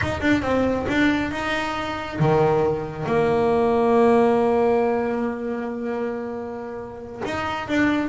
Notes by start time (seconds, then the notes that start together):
0.01 D#4
0.21 D4
0.42 C4
0.88 D4
1.31 D#4
2.19 D#3
3.06 A#3
7.24 D#4
7.68 D4